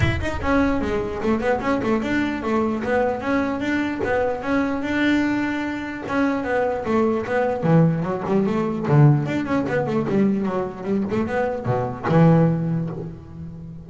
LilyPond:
\new Staff \with { instrumentName = "double bass" } { \time 4/4 \tempo 4 = 149 e'8 dis'8 cis'4 gis4 a8 b8 | cis'8 a8 d'4 a4 b4 | cis'4 d'4 b4 cis'4 | d'2. cis'4 |
b4 a4 b4 e4 | fis8 g8 a4 d4 d'8 cis'8 | b8 a8 g4 fis4 g8 a8 | b4 b,4 e2 | }